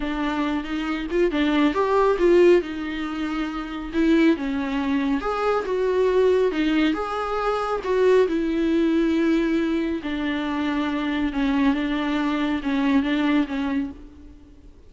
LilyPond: \new Staff \with { instrumentName = "viola" } { \time 4/4 \tempo 4 = 138 d'4. dis'4 f'8 d'4 | g'4 f'4 dis'2~ | dis'4 e'4 cis'2 | gis'4 fis'2 dis'4 |
gis'2 fis'4 e'4~ | e'2. d'4~ | d'2 cis'4 d'4~ | d'4 cis'4 d'4 cis'4 | }